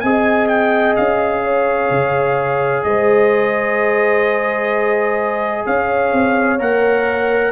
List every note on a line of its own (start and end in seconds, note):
0.00 0.97 C4
0.00 6.59 G#4
0.00 1.43 D#5
0.00 0.47 G#5
0.47 0.94 G5
0.96 1.90 C#4
0.96 2.83 F5
1.43 2.84 C#5
1.90 2.84 C#3
2.83 5.66 G#3
2.83 5.66 C5
2.83 5.64 D#5
5.66 6.12 C#4
5.66 7.52 C#5
5.66 6.60 F5
6.12 6.59 C4
6.59 7.52 A#3
6.59 7.52 A#4
6.59 7.52 F#5